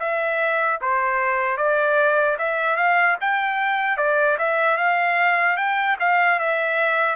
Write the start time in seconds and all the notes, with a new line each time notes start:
0.00 E5
0.81 C5
1.57 D5
2.39 E5
2.77 F5
3.21 G5
3.97 D5
4.39 E5
4.77 F5
5.57 G5
6.00 F5
6.39 E5